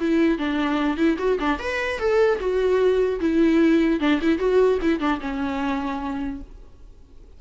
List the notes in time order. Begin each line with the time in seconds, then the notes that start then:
0.00 E4
0.38 D4
0.97 E4
1.18 F#4
1.40 D4
1.59 B4
1.99 A4
2.40 F#4
3.20 E4
4.00 D4
4.22 E4
4.39 F#4
4.82 E4
5.00 D4
5.21 C#4